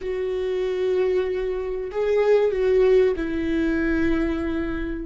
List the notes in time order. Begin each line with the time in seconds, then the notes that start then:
0.01 F#4
1.91 G#4
2.51 F#4
3.16 E4